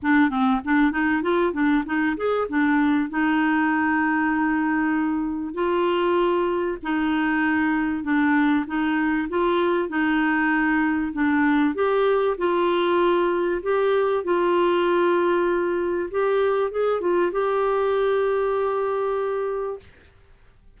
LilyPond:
\new Staff \with { instrumentName = "clarinet" } { \time 4/4 \tempo 4 = 97 d'8 c'8 d'8 dis'8 f'8 d'8 dis'8 gis'8 | d'4 dis'2.~ | dis'4 f'2 dis'4~ | dis'4 d'4 dis'4 f'4 |
dis'2 d'4 g'4 | f'2 g'4 f'4~ | f'2 g'4 gis'8 f'8 | g'1 | }